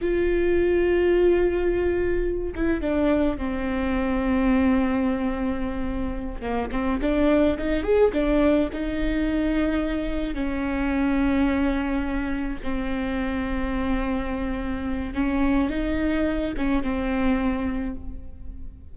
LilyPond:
\new Staff \with { instrumentName = "viola" } { \time 4/4 \tempo 4 = 107 f'1~ | f'8 e'8 d'4 c'2~ | c'2.~ c'8 ais8 | c'8 d'4 dis'8 gis'8 d'4 dis'8~ |
dis'2~ dis'8 cis'4.~ | cis'2~ cis'8 c'4.~ | c'2. cis'4 | dis'4. cis'8 c'2 | }